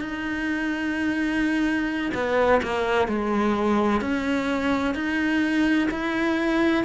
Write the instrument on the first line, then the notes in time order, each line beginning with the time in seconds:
cello
0.00 D#4
2.14 B3
2.62 A#3
3.07 G#3
4.01 C#4
4.94 D#4
5.91 E4